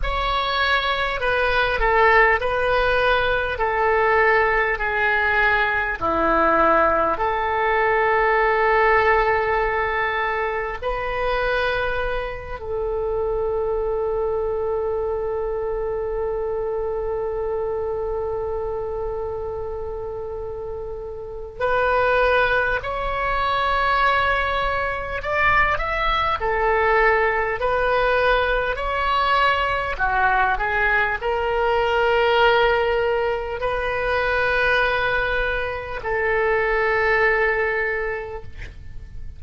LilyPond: \new Staff \with { instrumentName = "oboe" } { \time 4/4 \tempo 4 = 50 cis''4 b'8 a'8 b'4 a'4 | gis'4 e'4 a'2~ | a'4 b'4. a'4.~ | a'1~ |
a'2 b'4 cis''4~ | cis''4 d''8 e''8 a'4 b'4 | cis''4 fis'8 gis'8 ais'2 | b'2 a'2 | }